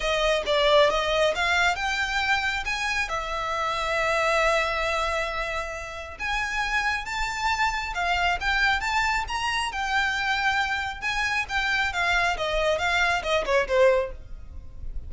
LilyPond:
\new Staff \with { instrumentName = "violin" } { \time 4/4 \tempo 4 = 136 dis''4 d''4 dis''4 f''4 | g''2 gis''4 e''4~ | e''1~ | e''2 gis''2 |
a''2 f''4 g''4 | a''4 ais''4 g''2~ | g''4 gis''4 g''4 f''4 | dis''4 f''4 dis''8 cis''8 c''4 | }